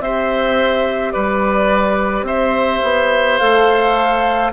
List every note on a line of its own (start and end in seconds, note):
0.00 1.13 C4
0.00 3.41 G4
0.00 1.13 C5
0.00 1.12 E5
1.12 2.23 G3
1.12 2.27 B4
1.12 2.25 D5
2.23 2.79 C4
2.23 4.53 C5
2.23 3.39 E5
2.83 3.40 B3
3.39 4.53 A3
3.39 4.53 A4
3.39 4.52 F5